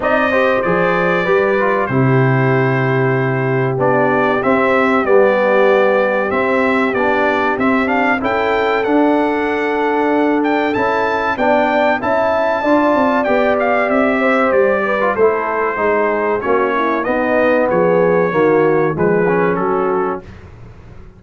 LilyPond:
<<
  \new Staff \with { instrumentName = "trumpet" } { \time 4/4 \tempo 4 = 95 dis''4 d''2 c''4~ | c''2 d''4 e''4 | d''2 e''4 d''4 | e''8 f''8 g''4 fis''2~ |
fis''8 g''8 a''4 g''4 a''4~ | a''4 g''8 f''8 e''4 d''4 | c''2 cis''4 dis''4 | cis''2 b'4 a'4 | }
  \new Staff \with { instrumentName = "horn" } { \time 4/4 d''8 c''4. b'4 g'4~ | g'1~ | g'1~ | g'4 a'2.~ |
a'2 d''4 e''4 | d''2~ d''8 c''4 b'8 | a'4 gis'4 fis'8 e'8 dis'4 | gis'4 fis'4 gis'4 fis'4 | }
  \new Staff \with { instrumentName = "trombone" } { \time 4/4 dis'8 g'8 gis'4 g'8 f'8 e'4~ | e'2 d'4 c'4 | b2 c'4 d'4 | c'8 d'8 e'4 d'2~ |
d'4 e'4 d'4 e'4 | f'4 g'2~ g'8. f'16 | e'4 dis'4 cis'4 b4~ | b4 ais4 gis8 cis'4. | }
  \new Staff \with { instrumentName = "tuba" } { \time 4/4 c'4 f4 g4 c4~ | c2 b4 c'4 | g2 c'4 b4 | c'4 cis'4 d'2~ |
d'4 cis'4 b4 cis'4 | d'8 c'8 b4 c'4 g4 | a4 gis4 ais4 b4 | f4 dis4 f4 fis4 | }
>>